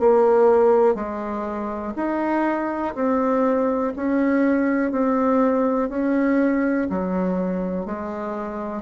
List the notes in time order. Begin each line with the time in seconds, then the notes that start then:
0.00 A#3
0.95 G#3
1.96 D#4
2.95 C4
3.96 C#4
4.92 C4
5.89 C#4
6.90 F#3
7.86 G#3